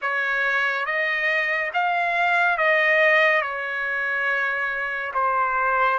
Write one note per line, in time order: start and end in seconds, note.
0.01 0.85 C#5
0.85 1.71 D#5
1.73 2.57 F5
2.57 3.41 D#5
3.41 5.12 C#5
5.14 5.98 C5